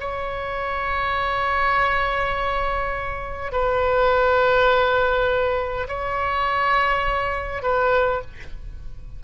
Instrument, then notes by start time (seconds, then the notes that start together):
oboe
0.00 C#5
3.52 B4
5.88 C#5
7.63 B4